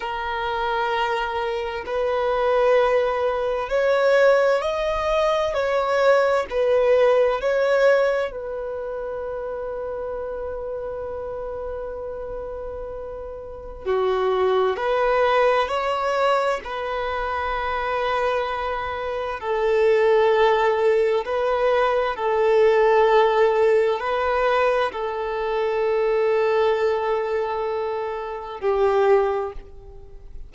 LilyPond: \new Staff \with { instrumentName = "violin" } { \time 4/4 \tempo 4 = 65 ais'2 b'2 | cis''4 dis''4 cis''4 b'4 | cis''4 b'2.~ | b'2. fis'4 |
b'4 cis''4 b'2~ | b'4 a'2 b'4 | a'2 b'4 a'4~ | a'2. g'4 | }